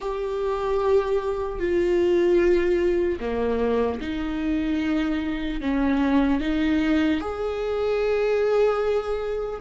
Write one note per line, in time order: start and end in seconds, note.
0.00 1.59 G4
1.59 3.19 F4
3.20 4.00 A#3
4.00 5.60 D#4
5.60 6.40 C#4
6.40 7.20 D#4
7.20 9.60 G#4